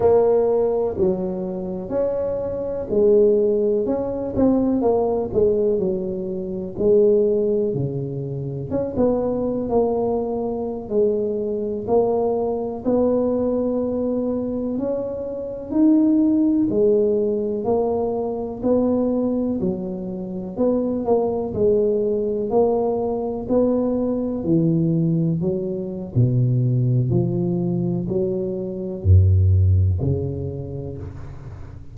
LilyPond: \new Staff \with { instrumentName = "tuba" } { \time 4/4 \tempo 4 = 62 ais4 fis4 cis'4 gis4 | cis'8 c'8 ais8 gis8 fis4 gis4 | cis4 cis'16 b8. ais4~ ais16 gis8.~ | gis16 ais4 b2 cis'8.~ |
cis'16 dis'4 gis4 ais4 b8.~ | b16 fis4 b8 ais8 gis4 ais8.~ | ais16 b4 e4 fis8. b,4 | f4 fis4 fis,4 cis4 | }